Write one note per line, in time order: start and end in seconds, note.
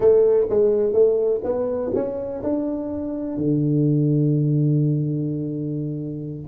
0.00 0.46 A3
0.49 0.93 G#3
0.93 1.41 A3
1.43 1.91 B3
1.94 2.42 C#4
2.43 3.37 D4
3.37 6.47 D3